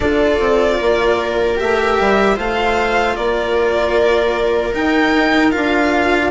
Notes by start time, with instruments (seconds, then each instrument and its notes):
0.00 bassoon D4, cello F4, viola A4, violin D5
0.39 bassoon C4
0.78 bassoon A#3, viola A#4
1.57 bassoon A3, cello G4, violin E5
2.00 bassoon G3
2.35 bassoon A3, cello F4, viola C5, violin F5
3.15 bassoon A#3, viola A#4, violin D5
4.73 cello D#4, bassoon D#4, violin G5
5.51 bassoon D4, cello F4, violin F5